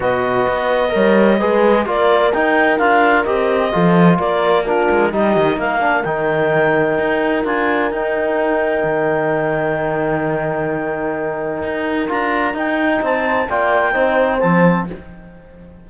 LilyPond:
<<
  \new Staff \with { instrumentName = "clarinet" } { \time 4/4 \tempo 4 = 129 dis''1 | d''4 g''4 f''4 dis''4~ | dis''4 d''4 ais'4 dis''4 | f''4 g''2. |
gis''4 g''2.~ | g''1~ | g''2 ais''4 g''4 | a''4 g''2 a''4 | }
  \new Staff \with { instrumentName = "horn" } { \time 4/4 b'2 cis''4 b'4 | ais'1 | a'4 ais'4 f'4 g'4 | ais'1~ |
ais'1~ | ais'1~ | ais'1 | c''4 d''4 c''2 | }
  \new Staff \with { instrumentName = "trombone" } { \time 4/4 fis'2 ais'4 gis'4 | f'4 dis'4 f'4 g'4 | f'2 d'4 dis'4~ | dis'8 d'8 dis'2. |
f'4 dis'2.~ | dis'1~ | dis'2 f'4 dis'4~ | dis'4 f'4 dis'4 c'4 | }
  \new Staff \with { instrumentName = "cello" } { \time 4/4 b,4 b4 g4 gis4 | ais4 dis'4 d'4 c'4 | f4 ais4. gis8 g8 dis8 | ais4 dis2 dis'4 |
d'4 dis'2 dis4~ | dis1~ | dis4 dis'4 d'4 dis'4 | c'4 ais4 c'4 f4 | }
>>